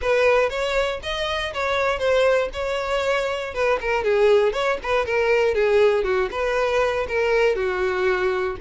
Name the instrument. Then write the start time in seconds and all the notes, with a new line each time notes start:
violin
0.01 B4
0.49 C#5
1.02 D#5
1.53 C#5
1.98 C5
2.53 C#5
3.54 B4
3.80 A#4
4.04 G#4
4.52 C#5
4.83 B4
5.05 A#4
5.54 G#4
6.04 F#4
6.31 B4
7.08 A#4
7.55 F#4